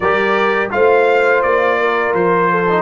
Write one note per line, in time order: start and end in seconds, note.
0.00 0.71 G3
0.00 0.70 G4
0.00 0.72 A#4
0.00 0.70 D5
0.70 1.43 A3
0.70 2.67 F4
0.70 1.79 C5
0.70 1.42 F5
1.42 2.13 A#3
1.42 2.13 D5
1.79 2.50 A#4
2.13 2.82 F3
2.13 2.82 C5
2.50 2.82 A4
2.69 2.82 D#4